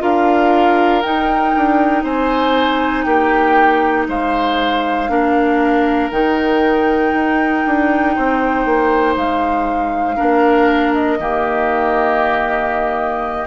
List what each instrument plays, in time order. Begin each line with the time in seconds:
0.00 bassoon D4, clarinet F4, oboe A#4, flute F5
1.02 bassoon D#4, clarinet D#4, flute G5
1.56 bassoon D4
2.04 bassoon C4, oboe C5, flute G#5
3.03 bassoon A#3, oboe G4, flute G5
4.08 bassoon G#3, oboe C5, flute F5
5.09 bassoon A#3, clarinet D4, oboe A#4
6.11 bassoon D#3, clarinet D#4, flute G5
7.14 bassoon D#4
7.66 bassoon D4
8.15 bassoon C4, oboe C5
8.65 bassoon A#3
9.16 bassoon G#3, flute F5
10.16 bassoon A#3, clarinet D4, oboe A#4
10.94 flute D#5
11.19 bassoon D#3, clarinet A#3, oboe G4